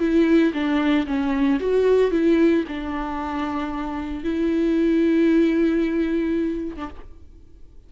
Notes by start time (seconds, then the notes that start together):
0.00 E4
0.54 D4
1.07 C#4
1.60 F#4
2.12 E4
2.68 D4
4.24 E4
6.77 D4